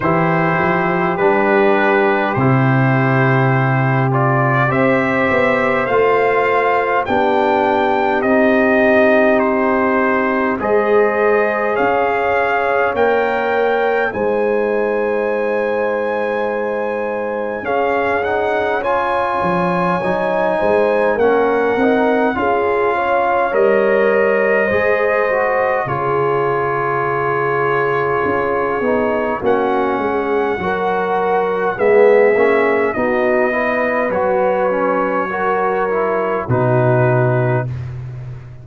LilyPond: <<
  \new Staff \with { instrumentName = "trumpet" } { \time 4/4 \tempo 4 = 51 c''4 b'4 c''4. d''8 | e''4 f''4 g''4 dis''4 | c''4 dis''4 f''4 g''4 | gis''2. f''8 fis''8 |
gis''2 fis''4 f''4 | dis''2 cis''2~ | cis''4 fis''2 e''4 | dis''4 cis''2 b'4 | }
  \new Staff \with { instrumentName = "horn" } { \time 4/4 g'1 | c''2 g'2~ | g'4 c''4 cis''2 | c''2. gis'4 |
cis''4. c''8 ais'4 gis'8 cis''8~ | cis''4 c''4 gis'2~ | gis'4 fis'8 gis'8 ais'4 gis'4 | fis'8 b'4. ais'4 fis'4 | }
  \new Staff \with { instrumentName = "trombone" } { \time 4/4 e'4 d'4 e'4. f'8 | g'4 f'4 d'4 dis'4~ | dis'4 gis'2 ais'4 | dis'2. cis'8 dis'8 |
f'4 dis'4 cis'8 dis'8 f'4 | ais'4 gis'8 fis'8 f'2~ | f'8 dis'8 cis'4 fis'4 b8 cis'8 | dis'8 e'8 fis'8 cis'8 fis'8 e'8 dis'4 | }
  \new Staff \with { instrumentName = "tuba" } { \time 4/4 e8 f8 g4 c2 | c'8 b8 a4 b4 c'4~ | c'4 gis4 cis'4 ais4 | gis2. cis'4~ |
cis'8 f8 fis8 gis8 ais8 c'8 cis'4 | g4 gis4 cis2 | cis'8 b8 ais8 gis8 fis4 gis8 ais8 | b4 fis2 b,4 | }
>>